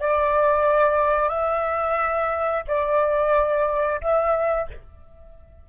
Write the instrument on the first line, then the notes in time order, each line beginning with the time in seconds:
flute
0.00 D5
1.29 E5
2.68 D5
4.01 E5